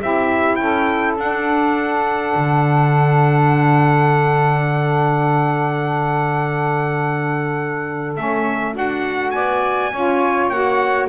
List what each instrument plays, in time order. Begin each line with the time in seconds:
0.00 double bass C4, saxophone E4 G4, trumpet E5
0.55 double bass C#4, saxophone A4, trumpet G5
1.17 double bass D4, saxophone D4, trumpet F#5
2.35 double bass D3
8.15 double bass A3, saxophone C#4, trumpet E5
8.73 double bass D4, saxophone F#4, trumpet F#5
9.30 double bass B3, saxophone D5, trumpet G#5
9.91 double bass C#4, saxophone F4 C#5
10.48 double bass A#3, saxophone F#4, trumpet F#5